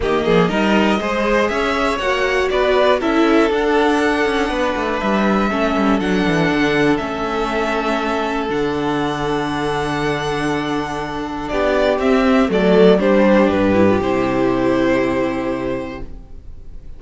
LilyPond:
<<
  \new Staff \with { instrumentName = "violin" } { \time 4/4 \tempo 4 = 120 dis''2. e''4 | fis''4 d''4 e''4 fis''4~ | fis''2 e''2 | fis''2 e''2~ |
e''4 fis''2.~ | fis''2. d''4 | e''4 d''4 c''4 b'4 | c''1 | }
  \new Staff \with { instrumentName = "violin" } { \time 4/4 g'8 gis'8 ais'4 c''4 cis''4~ | cis''4 b'4 a'2~ | a'4 b'2 a'4~ | a'1~ |
a'1~ | a'2. g'4~ | g'4 a'4 g'2~ | g'1 | }
  \new Staff \with { instrumentName = "viola" } { \time 4/4 ais4 dis'4 gis'2 | fis'2 e'4 d'4~ | d'2. cis'4 | d'2 cis'2~ |
cis'4 d'2.~ | d'1 | c'4 a4 d'4. e'16 f'16 | e'1 | }
  \new Staff \with { instrumentName = "cello" } { \time 4/4 dis8 f8 g4 gis4 cis'4 | ais4 b4 cis'4 d'4~ | d'8 cis'8 b8 a8 g4 a8 g8 | fis8 e8 d4 a2~ |
a4 d2.~ | d2. b4 | c'4 fis4 g4 g,4 | c1 | }
>>